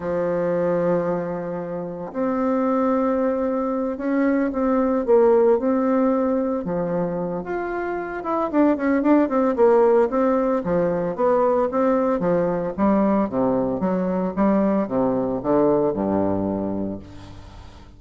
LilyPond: \new Staff \with { instrumentName = "bassoon" } { \time 4/4 \tempo 4 = 113 f1 | c'2.~ c'8 cis'8~ | cis'8 c'4 ais4 c'4.~ | c'8 f4. f'4. e'8 |
d'8 cis'8 d'8 c'8 ais4 c'4 | f4 b4 c'4 f4 | g4 c4 fis4 g4 | c4 d4 g,2 | }